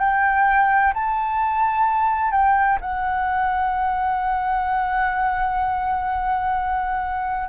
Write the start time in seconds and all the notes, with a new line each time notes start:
0.00 G5
0.94 A5
2.32 G5
2.82 F#5